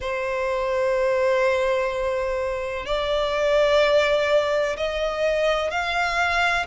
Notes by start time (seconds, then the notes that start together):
0.00 C5
2.86 D5
4.76 D#5
5.71 F5